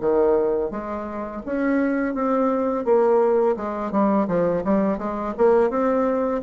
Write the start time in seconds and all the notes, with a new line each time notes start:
0.00 D#3
0.70 G#3
1.45 C#4
2.14 C4
2.84 A#3
3.56 G#3
3.91 G3
4.28 F3
4.64 G3
4.98 G#3
5.38 A#3
5.70 C4